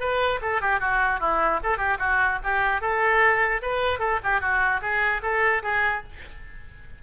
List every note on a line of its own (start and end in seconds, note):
0.00 0.40 B4
0.41 0.61 A4
0.61 0.80 G4
0.80 1.20 F#4
1.20 1.60 E4
1.63 1.77 A4
1.77 1.97 G4
1.99 2.39 F#4
2.43 2.81 G4
2.81 3.61 A4
3.62 3.99 B4
3.99 4.19 A4
4.23 4.41 G4
4.41 4.81 F#4
4.81 5.21 G#4
5.22 5.62 A4
5.62 6.02 G#4